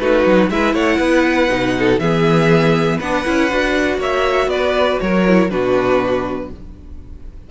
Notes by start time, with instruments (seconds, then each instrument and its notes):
0.00 cello A3, viola D#4, violin F#4 B4
0.26 cello F#3
0.50 cello G#3, viola E4, violin B4 E5
0.74 cello A3, violin C#5 F#5
0.98 cello B3, violin B4
1.50 cello B2, viola D#4
1.79 violin A4
1.99 cello E3, viola B3, violin G#4 E5
2.98 cello B3, viola D4, violin B4 F#5
3.26 cello C#4, viola E4
3.50 cello D4, viola F#4
3.98 cello A#3, violin C#5 E5
4.47 cello B3, violin B4 D5
5.01 cello F#3, violin A#4 C#5
5.28 viola E4
5.50 cello B2, viola D4, violin F#4 B4